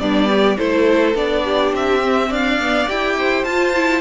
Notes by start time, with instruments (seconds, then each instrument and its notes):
0.00 cello G3, viola B3, violin D4 D5
0.28 violin G4
0.57 cello A3, viola E4, violin A4 C5
1.15 cello B3, viola D4, violin D5
1.44 violin G4
1.72 cello C4, violin E5
2.02 viola C4
2.29 cello D4, violin D5 F5
2.60 viola B3
2.88 cello E4, viola G4, violin G5
3.18 violin C5
3.44 cello F4, viola F4, violin A5
3.75 viola E4